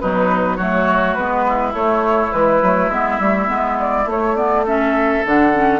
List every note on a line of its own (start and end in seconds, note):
0.00 0.58 B2
0.00 0.60 F#3
0.00 0.57 D#4
0.00 0.56 B4
0.56 1.16 F#3
0.56 1.18 A3
0.56 1.44 F#4
0.56 1.14 C#5
1.14 1.73 G#3
1.14 1.72 B3
1.14 1.72 B4
1.48 4.65 E4
1.72 2.30 A3
1.72 2.31 A3
1.72 2.32 C#5
2.30 2.62 E3
2.30 2.59 G#3
2.30 2.90 B4
2.62 2.89 F#3
2.62 2.91 A3
2.89 3.18 G#3
2.89 3.20 B3
2.89 3.77 E5
3.19 3.48 G3
3.19 3.47 A3
3.47 4.05 G#3
3.47 4.05 B3
3.79 4.08 D5
4.05 5.22 A3
4.05 4.36 A3
4.05 4.35 C#5
4.35 4.65 B3
4.35 4.64 D5
4.65 5.24 C#4
4.65 5.79 A4
4.65 5.25 E5
5.25 5.79 D3
5.25 5.52 D4
5.25 5.79 F#5
5.52 5.79 C#4